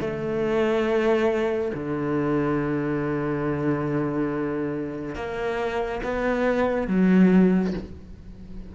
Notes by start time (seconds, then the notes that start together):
0.00 A3
1.74 D3
5.15 A#3
6.03 B3
6.87 F#3